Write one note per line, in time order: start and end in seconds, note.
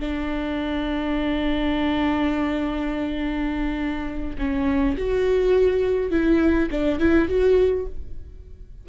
0.00 4.37 D4
4.39 4.97 C#4
4.98 6.11 F#4
6.11 6.69 E4
6.71 6.99 D4
6.99 7.28 E4
7.28 7.87 F#4